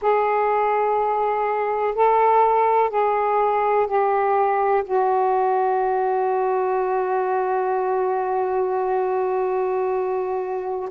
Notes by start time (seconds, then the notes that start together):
0.01 G#4
1.94 A4
2.90 G#4
3.87 G4
4.84 F#4